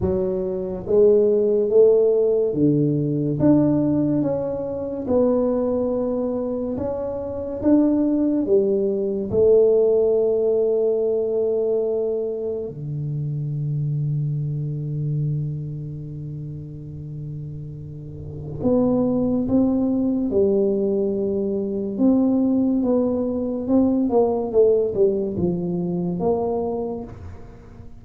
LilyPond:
\new Staff \with { instrumentName = "tuba" } { \time 4/4 \tempo 4 = 71 fis4 gis4 a4 d4 | d'4 cis'4 b2 | cis'4 d'4 g4 a4~ | a2. d4~ |
d1~ | d2 b4 c'4 | g2 c'4 b4 | c'8 ais8 a8 g8 f4 ais4 | }